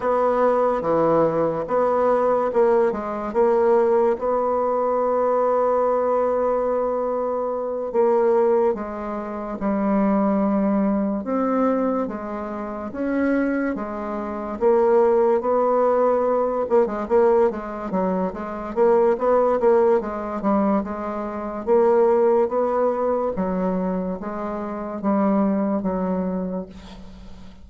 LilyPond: \new Staff \with { instrumentName = "bassoon" } { \time 4/4 \tempo 4 = 72 b4 e4 b4 ais8 gis8 | ais4 b2.~ | b4. ais4 gis4 g8~ | g4. c'4 gis4 cis'8~ |
cis'8 gis4 ais4 b4. | ais16 gis16 ais8 gis8 fis8 gis8 ais8 b8 ais8 | gis8 g8 gis4 ais4 b4 | fis4 gis4 g4 fis4 | }